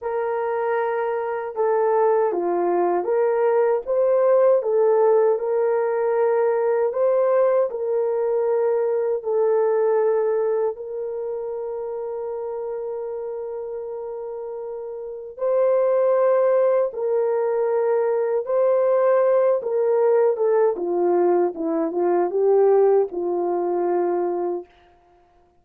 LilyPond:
\new Staff \with { instrumentName = "horn" } { \time 4/4 \tempo 4 = 78 ais'2 a'4 f'4 | ais'4 c''4 a'4 ais'4~ | ais'4 c''4 ais'2 | a'2 ais'2~ |
ais'1 | c''2 ais'2 | c''4. ais'4 a'8 f'4 | e'8 f'8 g'4 f'2 | }